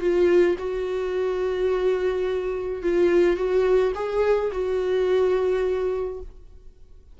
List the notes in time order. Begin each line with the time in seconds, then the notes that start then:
0.00 F4
0.58 F#4
2.83 F4
3.36 F#4
3.95 G#4
4.52 F#4